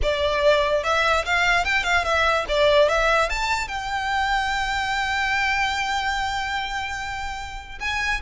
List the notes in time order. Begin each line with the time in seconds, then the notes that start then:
0.02 D5
0.83 E5
1.25 F5
1.64 G5
1.83 F5
2.04 E5
2.48 D5
2.88 E5
3.29 A5
3.68 G5
7.80 G#5